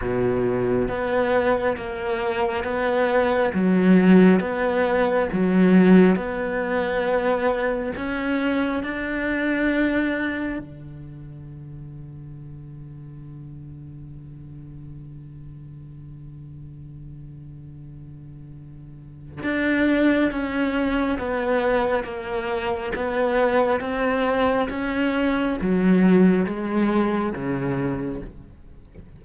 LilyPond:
\new Staff \with { instrumentName = "cello" } { \time 4/4 \tempo 4 = 68 b,4 b4 ais4 b4 | fis4 b4 fis4 b4~ | b4 cis'4 d'2 | d1~ |
d1~ | d2 d'4 cis'4 | b4 ais4 b4 c'4 | cis'4 fis4 gis4 cis4 | }